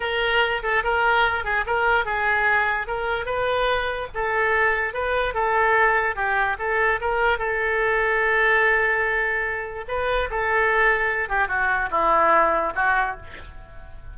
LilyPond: \new Staff \with { instrumentName = "oboe" } { \time 4/4 \tempo 4 = 146 ais'4. a'8 ais'4. gis'8 | ais'4 gis'2 ais'4 | b'2 a'2 | b'4 a'2 g'4 |
a'4 ais'4 a'2~ | a'1 | b'4 a'2~ a'8 g'8 | fis'4 e'2 fis'4 | }